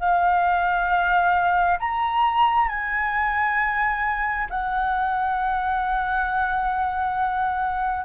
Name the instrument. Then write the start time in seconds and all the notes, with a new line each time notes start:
flute
0.00 F5
1.80 A#5
2.69 G#5
4.51 F#5